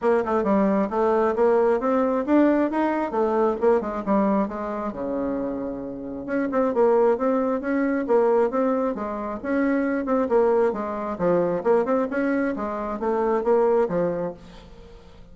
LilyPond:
\new Staff \with { instrumentName = "bassoon" } { \time 4/4 \tempo 4 = 134 ais8 a8 g4 a4 ais4 | c'4 d'4 dis'4 a4 | ais8 gis8 g4 gis4 cis4~ | cis2 cis'8 c'8 ais4 |
c'4 cis'4 ais4 c'4 | gis4 cis'4. c'8 ais4 | gis4 f4 ais8 c'8 cis'4 | gis4 a4 ais4 f4 | }